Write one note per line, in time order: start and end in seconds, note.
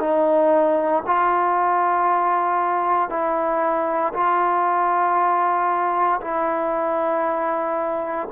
0.00 1.03 D#4
1.06 3.09 F4
3.09 4.13 E4
4.14 6.21 F4
6.21 8.28 E4